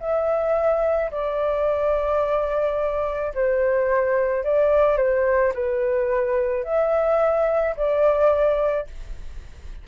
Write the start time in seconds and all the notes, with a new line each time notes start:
0.00 E5
1.12 D5
3.34 C5
4.44 D5
4.97 C5
5.55 B4
6.64 E5
7.76 D5